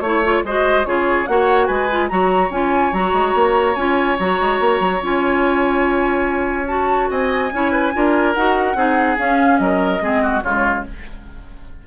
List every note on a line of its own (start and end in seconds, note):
0.00 0.42 A3
0.00 0.24 E4
0.00 0.42 C#5
0.00 0.44 C#5
0.24 0.45 F4
0.44 0.86 G#3
0.44 0.85 F#4
0.44 0.87 C5
0.44 0.85 D#5
0.85 1.27 C#3
0.85 1.27 F4
0.85 1.29 G#4
0.85 1.27 C#5
1.27 1.69 A#3
1.27 1.90 F#4
1.27 1.67 C#5
1.27 1.66 F#5
1.66 2.10 G#3
1.66 2.08 B4
1.66 2.08 G#5
1.90 2.09 F4
2.08 2.50 F#3
2.08 2.51 F#4
2.08 7.10 C#5
2.08 2.50 A#5
2.50 2.92 C#4
2.50 2.93 F4
2.50 2.93 G#5
2.93 3.13 F#3
2.93 3.77 F#4
2.93 3.75 A#5
3.13 3.34 G#3
3.35 3.76 A#3
3.75 4.18 C#4
3.75 4.19 F4
3.75 4.17 G#5
4.19 4.40 F#3
4.19 5.02 F#4
4.19 5.02 A#5
4.40 4.60 G#3
4.60 4.80 A#3
4.80 5.01 F#3
5.02 7.10 C#4
5.02 6.68 F4
5.02 6.67 G#5
6.67 7.51 F#4
6.67 7.09 A5
7.10 7.52 C4
7.10 7.51 D#5
7.10 8.33 G#5
7.52 7.94 C#4
7.52 7.93 E4
7.52 7.71 C#5
7.71 7.92 B4
7.93 8.36 D4
7.93 8.35 F4
7.93 8.77 A#4
8.33 8.75 D#4
8.33 8.75 F#4
8.33 9.17 F#5
8.75 9.16 C4
8.75 9.17 D#4
8.75 9.60 G#4
9.18 10.01 C#4
9.18 9.59 C#4
9.18 9.58 F5
9.58 10.01 F#3
9.58 10.03 A#4
9.58 10.41 D#5
10.01 10.42 G#3
10.01 10.43 C4
10.01 10.22 G#4
10.22 10.43 F#4
10.42 10.85 C#3
10.42 10.87 G#3
10.42 10.85 F4
10.42 10.84 C#5